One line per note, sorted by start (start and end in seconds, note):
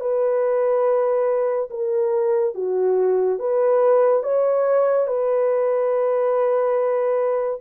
0.00 1.69 B4
1.70 2.54 A#4
2.54 3.38 F#4
3.38 4.23 B4
4.23 5.07 C#5
5.07 7.60 B4